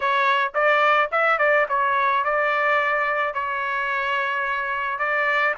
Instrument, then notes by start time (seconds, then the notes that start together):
trumpet
0.00 C#5
0.54 D5
1.11 E5
1.38 D5
1.68 C#5
2.24 D5
3.34 C#5
4.98 D5